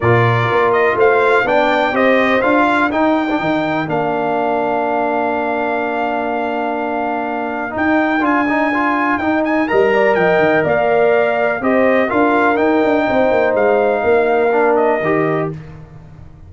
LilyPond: <<
  \new Staff \with { instrumentName = "trumpet" } { \time 4/4 \tempo 4 = 124 d''4. dis''8 f''4 g''4 | dis''4 f''4 g''2 | f''1~ | f''1 |
g''4 gis''2 g''8 gis''8 | ais''4 g''4 f''2 | dis''4 f''4 g''2 | f''2~ f''8 dis''4. | }
  \new Staff \with { instrumentName = "horn" } { \time 4/4 ais'2 c''4 d''4 | c''4. ais'2~ ais'8~ | ais'1~ | ais'1~ |
ais'1 | dis''8 d''8 dis''4 d''2 | c''4 ais'2 c''4~ | c''4 ais'2. | }
  \new Staff \with { instrumentName = "trombone" } { \time 4/4 f'2. d'4 | g'4 f'4 dis'8. d'16 dis'4 | d'1~ | d'1 |
dis'4 f'8 dis'8 f'4 dis'4 | ais'1 | g'4 f'4 dis'2~ | dis'2 d'4 g'4 | }
  \new Staff \with { instrumentName = "tuba" } { \time 4/4 ais,4 ais4 a4 b4 | c'4 d'4 dis'4 dis4 | ais1~ | ais1 |
dis'4 d'2 dis'4 | g4 f8 dis8 ais2 | c'4 d'4 dis'8 d'8 c'8 ais8 | gis4 ais2 dis4 | }
>>